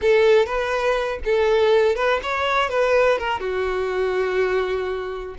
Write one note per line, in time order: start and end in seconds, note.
0.01 0.45 A4
0.45 1.19 B4
1.24 1.95 A4
1.95 2.20 B4
2.22 2.69 C#5
2.69 3.18 B4
3.18 3.39 A#4
3.39 5.35 F#4